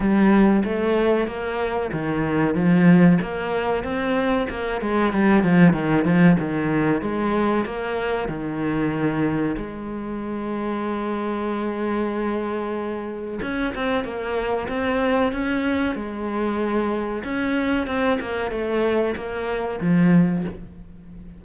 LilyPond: \new Staff \with { instrumentName = "cello" } { \time 4/4 \tempo 4 = 94 g4 a4 ais4 dis4 | f4 ais4 c'4 ais8 gis8 | g8 f8 dis8 f8 dis4 gis4 | ais4 dis2 gis4~ |
gis1~ | gis4 cis'8 c'8 ais4 c'4 | cis'4 gis2 cis'4 | c'8 ais8 a4 ais4 f4 | }